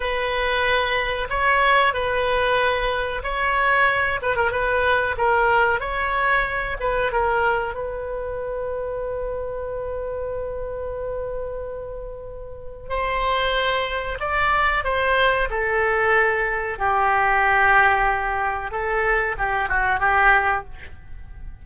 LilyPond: \new Staff \with { instrumentName = "oboe" } { \time 4/4 \tempo 4 = 93 b'2 cis''4 b'4~ | b'4 cis''4. b'16 ais'16 b'4 | ais'4 cis''4. b'8 ais'4 | b'1~ |
b'1 | c''2 d''4 c''4 | a'2 g'2~ | g'4 a'4 g'8 fis'8 g'4 | }